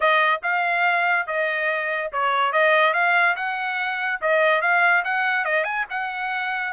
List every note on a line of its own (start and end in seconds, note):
0.00 0.41 D#5
0.42 1.26 F5
1.27 2.11 D#5
2.12 2.52 C#5
2.52 2.93 D#5
2.93 3.35 F5
3.36 4.20 F#5
4.21 4.61 D#5
4.61 5.03 F5
5.04 5.44 F#5
5.44 5.64 D#5
5.64 5.85 G#5
5.90 6.72 F#5